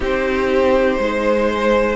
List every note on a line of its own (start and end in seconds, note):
0.00 0.97 C4
0.00 1.96 D#4
0.00 1.00 G4
0.00 1.96 C5
0.99 1.96 G#3
0.99 1.96 C5